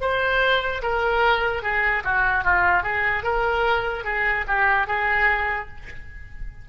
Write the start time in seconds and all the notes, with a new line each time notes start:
0.00 C5
0.82 A#4
1.62 G#4
2.04 F#4
2.44 F4
2.83 G#4
3.23 A#4
4.04 G#4
4.47 G4
4.86 G#4